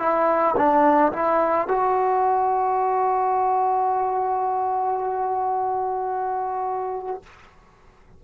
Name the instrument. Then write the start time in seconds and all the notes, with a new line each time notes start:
trombone
0.00 E4
0.57 D4
1.13 E4
1.68 F#4